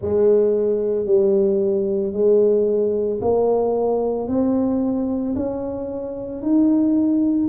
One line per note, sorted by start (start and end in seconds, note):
0.01 1.05 G#3
1.05 2.12 G3
2.12 3.19 G#3
3.21 4.28 A#3
4.28 5.35 C4
5.35 6.41 C#4
6.41 7.48 D#4